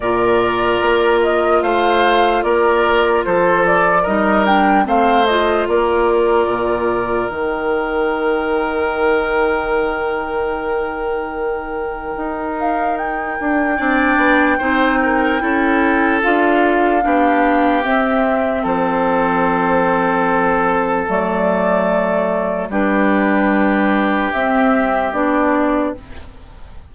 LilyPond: <<
  \new Staff \with { instrumentName = "flute" } { \time 4/4 \tempo 4 = 74 d''4. dis''8 f''4 d''4 | c''8 d''8 dis''8 g''8 f''8 dis''8 d''4~ | d''4 g''2.~ | g''2.~ g''8 f''8 |
g''1 | f''2 e''4 c''4~ | c''2 d''2 | b'2 e''4 d''4 | }
  \new Staff \with { instrumentName = "oboe" } { \time 4/4 ais'2 c''4 ais'4 | a'4 ais'4 c''4 ais'4~ | ais'1~ | ais'1~ |
ais'4 d''4 c''8 ais'8 a'4~ | a'4 g'2 a'4~ | a'1 | g'1 | }
  \new Staff \with { instrumentName = "clarinet" } { \time 4/4 f'1~ | f'4 dis'8 d'8 c'8 f'4.~ | f'4 dis'2.~ | dis'1~ |
dis'4 d'4 dis'4 e'4 | f'4 d'4 c'2~ | c'2 a2 | d'2 c'4 d'4 | }
  \new Staff \with { instrumentName = "bassoon" } { \time 4/4 ais,4 ais4 a4 ais4 | f4 g4 a4 ais4 | ais,4 dis2.~ | dis2. dis'4~ |
dis'8 d'8 c'8 b8 c'4 cis'4 | d'4 b4 c'4 f4~ | f2 fis2 | g2 c'4 b4 | }
>>